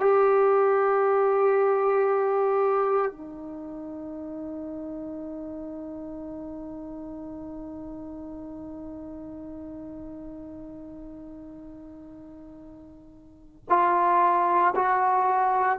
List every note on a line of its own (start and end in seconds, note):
0.00 3.12 G4
3.12 13.65 D#4
13.69 14.74 F4
14.76 15.79 F#4